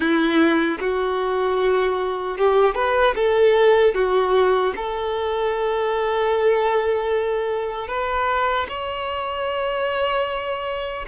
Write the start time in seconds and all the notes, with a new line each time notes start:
0.00 E4
0.80 F#4
2.37 G4
2.75 B4
3.15 A4
3.94 F#4
4.76 A4
7.87 B4
8.68 C#5